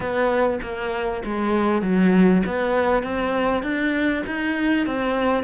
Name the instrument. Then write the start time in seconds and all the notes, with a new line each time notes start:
cello
0.00 B3
0.62 A#3
1.24 G#3
1.82 F#3
2.45 B3
3.03 C4
3.62 D4
4.26 D#4
4.86 C4